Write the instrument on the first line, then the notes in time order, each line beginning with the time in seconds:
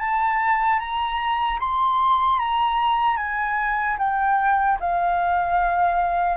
flute
0.00 A5
0.80 A#5
1.60 C6
2.40 A#5
3.17 G#5
3.99 G5
4.81 F5